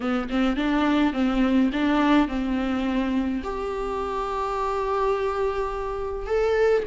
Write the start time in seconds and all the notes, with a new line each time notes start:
0.00 B3
0.29 C4
0.56 D4
1.13 C4
1.72 D4
2.28 C4
3.43 G4
6.26 A4